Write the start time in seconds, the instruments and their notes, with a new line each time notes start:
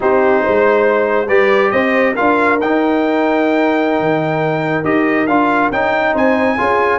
0.00 tuba C4, trombone D#4, horn G4, trumpet C5
0.43 tuba G#3, horn C5
1.27 tuba G3, trombone G4, horn B4, trumpet D5
1.71 tuba C4, horn C5, trumpet D#5
2.14 trombone F4, horn A#4, trumpet F5
2.20 tuba D4
2.60 tuba D#4, trombone D#4, trumpet G5
3.99 tuba D#3
4.84 tuba D#4, trombone G4, trumpet D#5
5.26 tuba D4, trombone F4, trumpet F5
5.70 tuba C#4, trombone D#4, trumpet G5
6.12 tuba C4, horn C5, trumpet G#5
6.57 tuba C#4, trombone F4, horn G#4